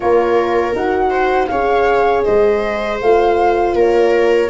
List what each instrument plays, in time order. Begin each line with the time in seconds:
0.00 tuba A#3, horn F4, viola A#4, flute C#5
0.75 tuba D#4, horn F#4, flute F#5
1.10 viola C5
1.47 tuba C#4, horn G#4, viola C#5, flute F5
2.23 tuba G#3, viola C5, flute D#5
3.01 tuba A3, horn F4, flute F5
3.73 tuba A#3, viola A#4, flute C#5